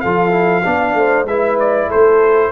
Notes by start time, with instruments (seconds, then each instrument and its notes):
0.00 tuba F3, trombone F4, horn A4, trumpet F5
0.31 trombone E4
0.64 tuba B3, trombone D4, horn D5
0.93 tuba A3, horn C5
1.24 tuba G#3, trombone E4, horn B4, trumpet E5
1.59 trumpet D5
1.88 tuba A3, horn A4, trumpet C5